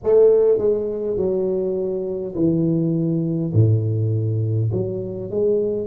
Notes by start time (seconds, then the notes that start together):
0.03 A3
0.58 G#3
1.16 F#3
2.35 E3
3.53 A2
4.72 F#3
5.30 G#3